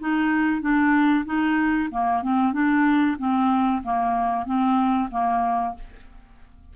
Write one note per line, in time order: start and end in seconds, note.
0.00 0.62 D#4
0.62 1.25 D4
1.26 1.89 D#4
1.92 2.23 A#3
2.23 2.53 C4
2.53 3.17 D4
3.19 3.83 C4
3.84 4.46 A#3
4.46 5.10 C4
5.11 5.75 A#3